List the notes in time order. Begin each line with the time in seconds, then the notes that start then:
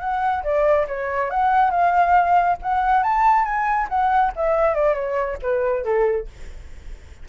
0.00 F#5
0.43 D5
0.88 C#5
1.30 F#5
1.71 F5
2.62 F#5
3.03 A5
3.45 G#5
3.89 F#5
4.36 E5
4.75 D5
4.94 C#5
5.42 B4
5.84 A4